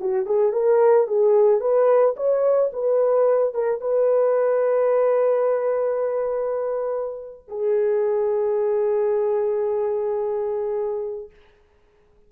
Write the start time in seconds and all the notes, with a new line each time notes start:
0.00 F#4
0.26 G#4
0.53 A#4
1.08 G#4
1.61 B4
2.16 C#5
2.73 B4
3.54 A#4
3.81 B4
7.48 G#4